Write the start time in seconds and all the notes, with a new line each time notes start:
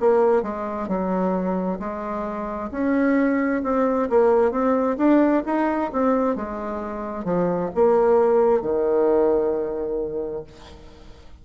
0.00 A#3
0.43 G#3
0.88 F#3
1.79 G#3
2.71 C#4
3.63 C4
4.10 A#3
4.51 C4
4.98 D4
5.45 D#4
5.93 C4
6.36 G#3
7.24 F3
7.75 A#3
8.62 D#3